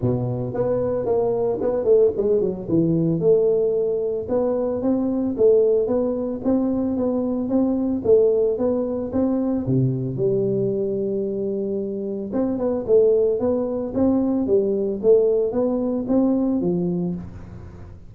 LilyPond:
\new Staff \with { instrumentName = "tuba" } { \time 4/4 \tempo 4 = 112 b,4 b4 ais4 b8 a8 | gis8 fis8 e4 a2 | b4 c'4 a4 b4 | c'4 b4 c'4 a4 |
b4 c'4 c4 g4~ | g2. c'8 b8 | a4 b4 c'4 g4 | a4 b4 c'4 f4 | }